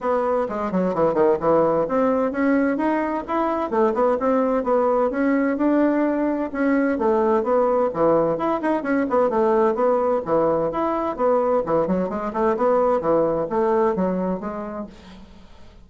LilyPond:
\new Staff \with { instrumentName = "bassoon" } { \time 4/4 \tempo 4 = 129 b4 gis8 fis8 e8 dis8 e4 | c'4 cis'4 dis'4 e'4 | a8 b8 c'4 b4 cis'4 | d'2 cis'4 a4 |
b4 e4 e'8 dis'8 cis'8 b8 | a4 b4 e4 e'4 | b4 e8 fis8 gis8 a8 b4 | e4 a4 fis4 gis4 | }